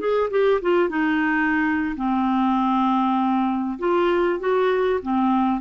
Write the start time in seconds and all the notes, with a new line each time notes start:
0.00 G#4
0.31 G4
0.62 F4
0.90 D#4
1.97 C4
3.79 F4
4.40 F#4
5.03 C4